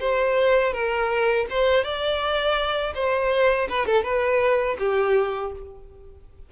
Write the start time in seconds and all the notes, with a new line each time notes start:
0.00 C5
0.73 A#4
1.50 C5
1.84 D5
2.95 C5
3.69 B4
3.86 A4
4.03 B4
4.79 G4